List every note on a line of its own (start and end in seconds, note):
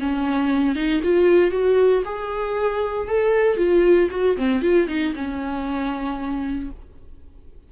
0.00 0.76 C#4
0.76 1.02 D#4
1.04 1.52 F4
1.52 2.03 F#4
2.05 3.09 G#4
3.09 3.58 A4
3.58 4.09 F4
4.11 4.37 F#4
4.38 4.62 C4
4.62 4.88 F4
4.88 5.14 D#4
5.15 6.71 C#4